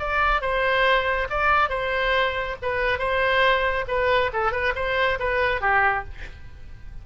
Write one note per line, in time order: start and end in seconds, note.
0.00 0.42 D5
0.42 1.28 C5
1.30 1.70 D5
1.70 2.56 C5
2.63 2.99 B4
2.99 3.85 C5
3.88 4.31 B4
4.33 4.52 A4
4.52 4.74 B4
4.76 5.19 C5
5.20 5.62 B4
5.62 6.05 G4